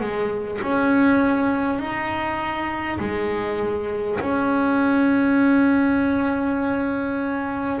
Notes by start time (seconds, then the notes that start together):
0.00 G#3
0.62 C#4
1.78 D#4
2.99 G#3
4.19 C#4